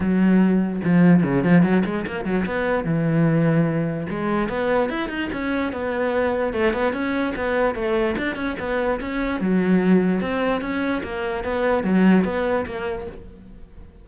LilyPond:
\new Staff \with { instrumentName = "cello" } { \time 4/4 \tempo 4 = 147 fis2 f4 cis8 f8 | fis8 gis8 ais8 fis8 b4 e4~ | e2 gis4 b4 | e'8 dis'8 cis'4 b2 |
a8 b8 cis'4 b4 a4 | d'8 cis'8 b4 cis'4 fis4~ | fis4 c'4 cis'4 ais4 | b4 fis4 b4 ais4 | }